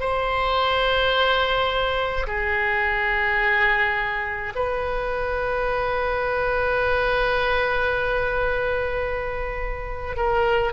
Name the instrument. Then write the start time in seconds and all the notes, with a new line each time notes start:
oboe
0.00 C5
2.26 G#4
4.55 B4
10.16 A#4